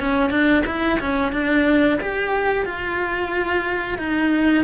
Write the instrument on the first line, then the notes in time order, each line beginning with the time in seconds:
cello
0.00 C#4
0.30 D4
0.66 E4
1.00 C#4
1.32 D4
2.01 G4
2.65 F4
3.98 D#4